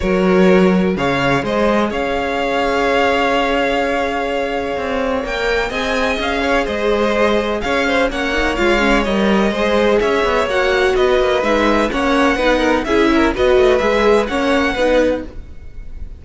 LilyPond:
<<
  \new Staff \with { instrumentName = "violin" } { \time 4/4 \tempo 4 = 126 cis''2 f''4 dis''4 | f''1~ | f''2. g''4 | gis''4 f''4 dis''2 |
f''4 fis''4 f''4 dis''4~ | dis''4 e''4 fis''4 dis''4 | e''4 fis''2 e''4 | dis''4 e''4 fis''2 | }
  \new Staff \with { instrumentName = "violin" } { \time 4/4 ais'2 cis''4 c''4 | cis''1~ | cis''1 | dis''4. cis''8 c''2 |
cis''8 c''8 cis''2. | c''4 cis''2 b'4~ | b'4 cis''4 b'8 ais'8 gis'8 ais'8 | b'2 cis''4 b'4 | }
  \new Staff \with { instrumentName = "viola" } { \time 4/4 fis'2 gis'2~ | gis'1~ | gis'2. ais'4 | gis'1~ |
gis'4 cis'8 dis'8 f'8 cis'8 ais'4 | gis'2 fis'2 | dis'4 cis'4 dis'4 e'4 | fis'4 gis'4 cis'4 dis'4 | }
  \new Staff \with { instrumentName = "cello" } { \time 4/4 fis2 cis4 gis4 | cis'1~ | cis'2 c'4 ais4 | c'4 cis'4 gis2 |
cis'4 ais4 gis4 g4 | gis4 cis'8 b8 ais4 b8 ais8 | gis4 ais4 b4 cis'4 | b8 a8 gis4 ais4 b4 | }
>>